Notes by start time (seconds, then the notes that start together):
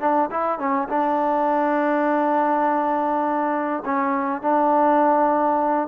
0.00 D4
0.31 E4
0.59 C#4
0.89 D4
3.85 C#4
4.42 D4